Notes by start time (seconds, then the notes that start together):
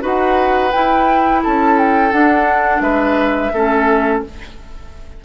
0.00 D#4 F#4 B4 F#5
0.72 E4 G5
1.43 C#4 A4 A5
1.78 G5
2.12 D4 F#5
2.80 G#3 B4 E5
3.53 A3 C#4 A4